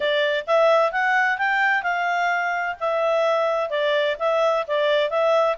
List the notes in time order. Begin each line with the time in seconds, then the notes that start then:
0.00 D5
0.47 E5
0.92 F#5
1.37 G5
1.83 F5
2.80 E5
3.70 D5
4.19 E5
4.67 D5
5.10 E5